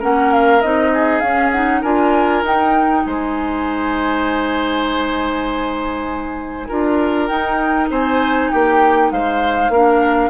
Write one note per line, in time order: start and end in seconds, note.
0.00 0.64 A#3
0.00 0.62 C#4
0.00 0.91 A#4
0.00 0.33 F#5
0.33 0.62 F5
0.62 1.22 C4
0.62 1.23 D#4
0.62 1.20 D#5
0.94 1.81 G#4
1.20 1.83 C#4
1.20 1.54 C#4
1.20 1.50 F5
1.52 1.84 D#4
1.52 1.82 F#5
1.81 2.43 D4
1.81 2.45 F4
1.81 3.03 A#4
1.81 2.44 G#5
2.43 3.04 D#4
2.43 6.69 D#4
2.43 3.06 G5
3.06 6.70 G#3
3.06 6.68 C5
3.06 7.27 G#5
6.68 7.30 D4
6.68 7.29 F4
6.68 7.89 A#4
7.27 9.72 D#4
7.27 7.90 D#4
7.27 7.88 G5
7.90 8.51 C4
7.90 8.51 C5
7.90 8.51 G#5
8.51 9.12 A#3
8.51 9.13 G4
8.51 9.12 G5
9.12 9.69 G#3
9.12 9.72 C5
9.12 10.30 F5
9.69 10.30 A#3
9.69 10.30 D4
9.69 10.30 A#4